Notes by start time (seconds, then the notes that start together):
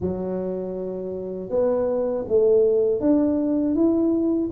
0.00 F#3
1.49 B3
2.27 A3
3.00 D4
3.75 E4